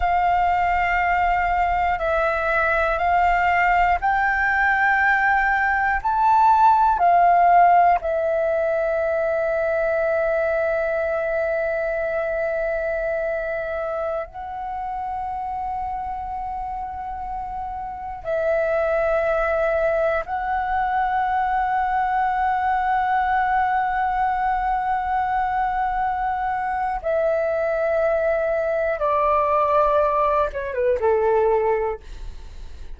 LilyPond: \new Staff \with { instrumentName = "flute" } { \time 4/4 \tempo 4 = 60 f''2 e''4 f''4 | g''2 a''4 f''4 | e''1~ | e''2~ e''16 fis''4.~ fis''16~ |
fis''2~ fis''16 e''4.~ e''16~ | e''16 fis''2.~ fis''8.~ | fis''2. e''4~ | e''4 d''4. cis''16 b'16 a'4 | }